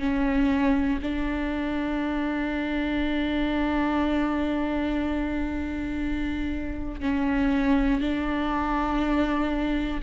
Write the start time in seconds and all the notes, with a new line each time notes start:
0.00 C#4
1.02 D4
7.01 C#4
8.01 D4